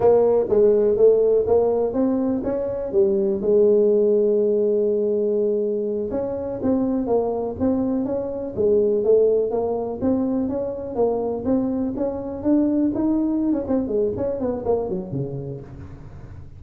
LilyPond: \new Staff \with { instrumentName = "tuba" } { \time 4/4 \tempo 4 = 123 ais4 gis4 a4 ais4 | c'4 cis'4 g4 gis4~ | gis1~ | gis8 cis'4 c'4 ais4 c'8~ |
c'8 cis'4 gis4 a4 ais8~ | ais8 c'4 cis'4 ais4 c'8~ | c'8 cis'4 d'4 dis'4~ dis'16 cis'16 | c'8 gis8 cis'8 b8 ais8 fis8 cis4 | }